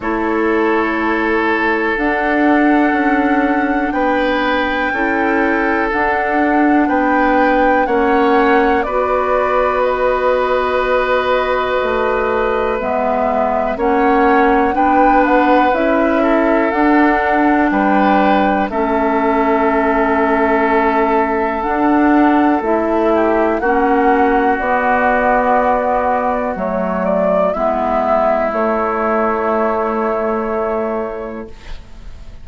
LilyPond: <<
  \new Staff \with { instrumentName = "flute" } { \time 4/4 \tempo 4 = 61 cis''2 fis''2 | g''2 fis''4 g''4 | fis''4 d''4 dis''2~ | dis''4 e''4 fis''4 g''8 fis''8 |
e''4 fis''4 g''4 e''4~ | e''2 fis''4 e''4 | fis''4 d''2 cis''8 d''8 | e''4 cis''2. | }
  \new Staff \with { instrumentName = "oboe" } { \time 4/4 a'1 | b'4 a'2 b'4 | cis''4 b'2.~ | b'2 cis''4 b'4~ |
b'8 a'4. b'4 a'4~ | a'2.~ a'8 g'8 | fis'1 | e'1 | }
  \new Staff \with { instrumentName = "clarinet" } { \time 4/4 e'2 d'2~ | d'4 e'4 d'2 | cis'4 fis'2.~ | fis'4 b4 cis'4 d'4 |
e'4 d'2 cis'4~ | cis'2 d'4 e'4 | cis'4 b2 a4 | b4 a2. | }
  \new Staff \with { instrumentName = "bassoon" } { \time 4/4 a2 d'4 cis'4 | b4 cis'4 d'4 b4 | ais4 b2. | a4 gis4 ais4 b4 |
cis'4 d'4 g4 a4~ | a2 d'4 a4 | ais4 b2 fis4 | gis4 a2. | }
>>